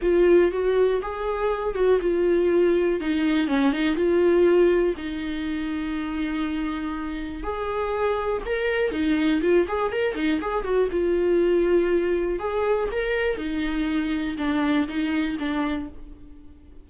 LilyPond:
\new Staff \with { instrumentName = "viola" } { \time 4/4 \tempo 4 = 121 f'4 fis'4 gis'4. fis'8 | f'2 dis'4 cis'8 dis'8 | f'2 dis'2~ | dis'2. gis'4~ |
gis'4 ais'4 dis'4 f'8 gis'8 | ais'8 dis'8 gis'8 fis'8 f'2~ | f'4 gis'4 ais'4 dis'4~ | dis'4 d'4 dis'4 d'4 | }